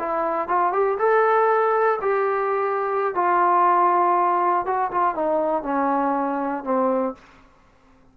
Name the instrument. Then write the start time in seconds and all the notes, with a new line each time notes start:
trombone
0.00 E4
0.49 F4
0.73 G4
0.99 A4
2.02 G4
3.15 F4
4.66 F#4
4.92 F4
5.16 D#4
5.64 C#4
6.65 C4